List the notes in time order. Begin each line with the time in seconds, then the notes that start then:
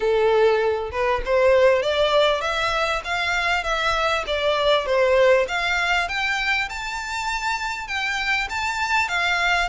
0.00 A4
0.91 B4
1.25 C5
1.82 D5
2.41 E5
3.04 F5
3.63 E5
4.26 D5
4.85 C5
5.47 F5
6.08 G5
6.69 A5
7.87 G5
8.49 A5
9.08 F5